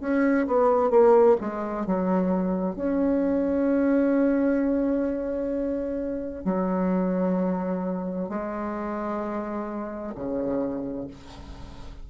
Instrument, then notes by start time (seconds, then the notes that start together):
bassoon
0.00 C#4
0.47 B3
0.90 A#3
1.40 G#3
1.86 F#3
2.76 C#4
6.44 F#3
8.29 G#3
10.15 C#3